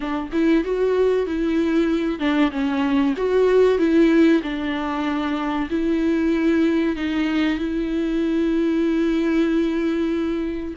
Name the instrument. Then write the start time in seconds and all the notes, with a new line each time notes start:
viola
0.00 D4
0.32 E4
0.63 F#4
1.26 E4
2.19 D4
2.51 C#4
3.17 F#4
3.78 E4
4.42 D4
5.70 E4
6.96 D#4
7.58 E4